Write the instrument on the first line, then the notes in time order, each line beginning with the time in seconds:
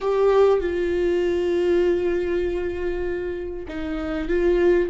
viola
0.00 G4
0.60 F4
3.67 D#4
4.28 F4